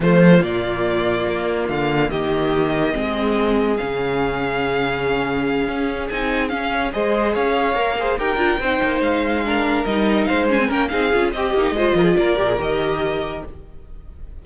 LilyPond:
<<
  \new Staff \with { instrumentName = "violin" } { \time 4/4 \tempo 4 = 143 c''4 d''2. | f''4 dis''2.~ | dis''4 f''2.~ | f''2~ f''8 gis''4 f''8~ |
f''8 dis''4 f''2 g''8~ | g''4. f''2 dis''8~ | dis''8 f''8 gis''8 g''8 f''4 dis''4~ | dis''4 d''4 dis''2 | }
  \new Staff \with { instrumentName = "violin" } { \time 4/4 f'1~ | f'4 g'2 gis'4~ | gis'1~ | gis'1~ |
gis'8 c''4 cis''4. c''8 ais'8~ | ais'8 c''2 ais'4.~ | ais'8 c''4 ais'8 gis'4 g'4 | c''8 ais'16 gis'16 ais'2. | }
  \new Staff \with { instrumentName = "viola" } { \time 4/4 a4 ais2.~ | ais2. c'4~ | c'4 cis'2.~ | cis'2~ cis'8 dis'4 cis'8~ |
cis'8 gis'2 ais'8 gis'8 g'8 | f'8 dis'2 d'4 dis'8~ | dis'4 cis'16 c'16 cis'8 dis'8 f'8 g'8 dis'8 | f'4. g'16 gis'16 g'2 | }
  \new Staff \with { instrumentName = "cello" } { \time 4/4 f4 ais,2 ais4 | d4 dis2 gis4~ | gis4 cis2.~ | cis4. cis'4 c'4 cis'8~ |
cis'8 gis4 cis'4 ais4 dis'8 | d'8 c'8 ais8 gis2 g8~ | g8 gis4 ais8 c'8 cis'8 c'8 ais8 | gis8 f8 ais8 ais,8 dis2 | }
>>